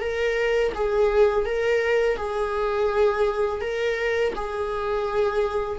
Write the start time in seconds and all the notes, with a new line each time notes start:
0.00 A#4
0.74 G#4
1.45 A#4
2.16 G#4
3.60 A#4
4.35 G#4